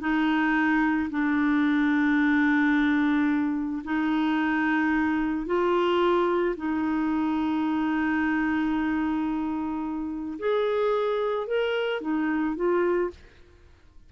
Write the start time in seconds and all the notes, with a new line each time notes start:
0.00 D#4
1.10 D4
3.84 D#4
5.46 F4
6.57 D#4
10.39 G#4
11.47 A#4
12.01 D#4
12.56 F4